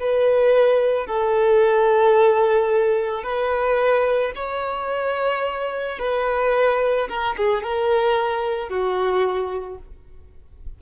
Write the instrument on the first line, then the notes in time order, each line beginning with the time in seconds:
violin
0.00 B4
1.07 A4
3.24 B4
4.36 C#5
6.00 B4
7.09 A#4
7.37 G#4
7.64 A#4
8.69 F#4